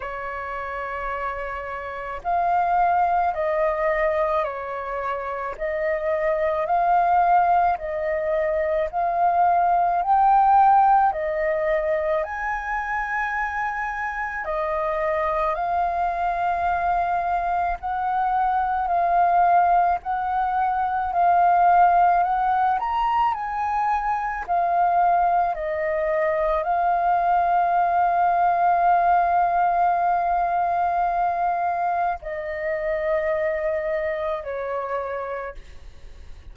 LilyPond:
\new Staff \with { instrumentName = "flute" } { \time 4/4 \tempo 4 = 54 cis''2 f''4 dis''4 | cis''4 dis''4 f''4 dis''4 | f''4 g''4 dis''4 gis''4~ | gis''4 dis''4 f''2 |
fis''4 f''4 fis''4 f''4 | fis''8 ais''8 gis''4 f''4 dis''4 | f''1~ | f''4 dis''2 cis''4 | }